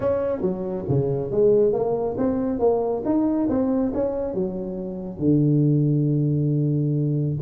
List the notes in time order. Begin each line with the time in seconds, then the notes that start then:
0.00 C#4
0.41 F#3
0.89 C#3
1.31 G#3
1.72 A#3
2.17 C4
2.59 A#3
3.05 D#4
3.49 C4
3.93 C#4
4.34 F#3
5.19 D3